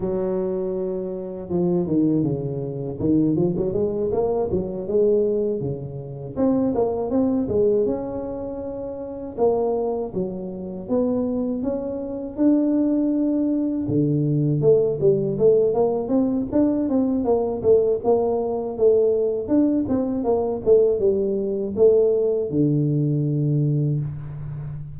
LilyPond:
\new Staff \with { instrumentName = "tuba" } { \time 4/4 \tempo 4 = 80 fis2 f8 dis8 cis4 | dis8 f16 fis16 gis8 ais8 fis8 gis4 cis8~ | cis8 c'8 ais8 c'8 gis8 cis'4.~ | cis'8 ais4 fis4 b4 cis'8~ |
cis'8 d'2 d4 a8 | g8 a8 ais8 c'8 d'8 c'8 ais8 a8 | ais4 a4 d'8 c'8 ais8 a8 | g4 a4 d2 | }